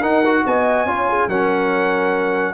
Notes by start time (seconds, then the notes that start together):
0.00 D#4 A#4 F#5
0.25 F#4
0.46 B3 D#5 G#5
0.85 C#4 F4 C#5
1.09 G#4
1.28 F#3 C#4 A#4 F#5